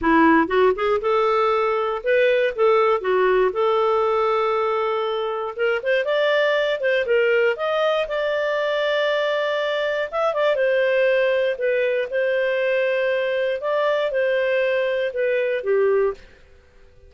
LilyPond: \new Staff \with { instrumentName = "clarinet" } { \time 4/4 \tempo 4 = 119 e'4 fis'8 gis'8 a'2 | b'4 a'4 fis'4 a'4~ | a'2. ais'8 c''8 | d''4. c''8 ais'4 dis''4 |
d''1 | e''8 d''8 c''2 b'4 | c''2. d''4 | c''2 b'4 g'4 | }